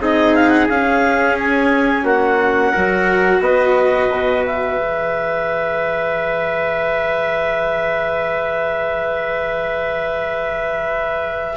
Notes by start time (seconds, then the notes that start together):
0.00 C4 D#4 G#4 D#5
0.35 F5
0.49 F#5
0.69 C#4 F5
1.38 G#5
2.03 A#3 F#4 F#5
2.72 F#3 F#4 A#4
3.40 B3 B4 D#5
4.11 B2
4.46 E5
4.78 E3 G#4